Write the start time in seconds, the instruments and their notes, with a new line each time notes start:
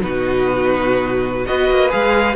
0.00 cello B2, viola D#4, violin F#4 B4
1.45 cello B3, viola F#4, violin B4 D#5
1.71 cello A#3
1.89 cello G#3, viola G#4, violin F5